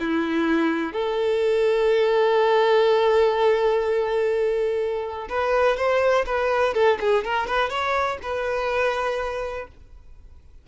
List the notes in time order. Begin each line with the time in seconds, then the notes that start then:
0.00 E4
0.93 A4
5.30 B4
5.77 C5
6.27 B4
6.75 A4
7.01 G#4
7.25 A#4
7.47 B4
7.70 C#5
8.23 B4